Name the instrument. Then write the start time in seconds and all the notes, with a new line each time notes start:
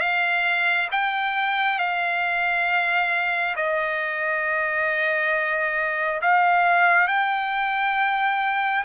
trumpet
0.00 F5
0.92 G5
1.78 F5
3.56 D#5
6.22 F5
7.07 G5